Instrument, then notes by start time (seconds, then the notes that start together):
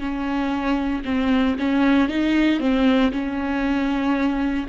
viola
0.00 C#4
1.05 C4
1.59 C#4
2.09 D#4
2.60 C4
3.12 C#4